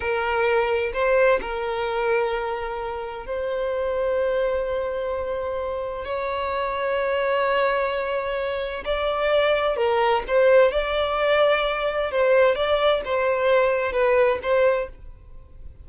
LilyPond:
\new Staff \with { instrumentName = "violin" } { \time 4/4 \tempo 4 = 129 ais'2 c''4 ais'4~ | ais'2. c''4~ | c''1~ | c''4 cis''2.~ |
cis''2. d''4~ | d''4 ais'4 c''4 d''4~ | d''2 c''4 d''4 | c''2 b'4 c''4 | }